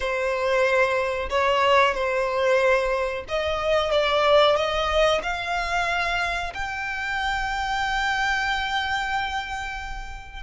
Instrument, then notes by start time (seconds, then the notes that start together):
violin
0.00 C5
1.29 C#5
1.94 C5
3.28 D#5
3.91 D5
4.55 D#5
5.23 F5
6.54 G5